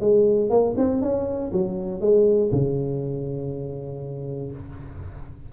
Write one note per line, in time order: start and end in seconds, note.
0.00 0.50 G#3
0.50 0.75 A#3
0.77 1.02 C4
1.02 1.52 C#4
1.52 2.01 F#3
2.01 2.51 G#3
2.52 4.52 C#3